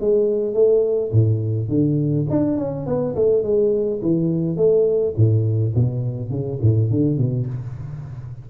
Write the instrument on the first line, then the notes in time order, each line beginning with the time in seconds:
tuba
0.00 G#3
0.53 A3
1.12 A2
1.69 D3
2.29 D4
2.57 C#4
2.86 B3
3.15 A3
3.43 G#3
4.02 E3
4.56 A3
5.16 A2
5.75 B2
6.30 C#3
6.61 A2
6.90 D3
7.17 B2